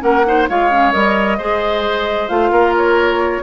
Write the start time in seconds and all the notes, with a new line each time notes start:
0.00 A#3 C#4 A#4 F#5
0.27 D#4 C5
0.50 G#3 F4 C#5 F5
0.71 C#4
0.93 G3 A#4 D#5
1.38 G#3 G#4 C5
2.29 A3 F4 F5
2.51 A#3 A#4
2.78 C#5